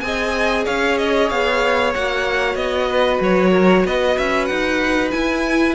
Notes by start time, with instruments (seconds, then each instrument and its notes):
0.00 cello C4, viola G#4, violin D#5 G#5
0.65 cello C#4, violin C#5 F5
0.98 violin D#5
1.30 cello B3, violin F5
1.94 cello A#3, viola F#4, violin F#5
2.55 cello B3, violin D#5
2.88 violin B4
3.21 cello F#3, violin C#5
3.51 violin A#4
3.85 cello B3, violin B4 D#5
4.18 cello C#4, violin E5
4.46 cello D#4, violin F#5
5.11 viola E4, cello E4, violin G#5